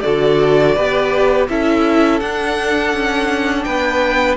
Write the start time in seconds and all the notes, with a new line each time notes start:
0.00 D3 F#4 A4 D5
0.75 B3 G4 B4
1.48 C#4 E4 A4 E5
2.20 D4 F#5
2.93 C#4
3.63 B3 B4 G5